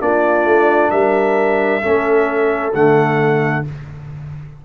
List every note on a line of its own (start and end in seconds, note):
0.00 0.45 A#3
0.00 1.82 D4
0.00 0.91 F4
0.00 0.91 D5
0.45 0.91 A3
0.91 1.82 G3
0.91 1.82 A#4
0.91 2.73 E5
1.82 2.74 A3
1.82 2.73 C#4
1.82 3.64 A4
2.74 3.65 D3
2.74 3.65 A3
2.74 3.65 F#5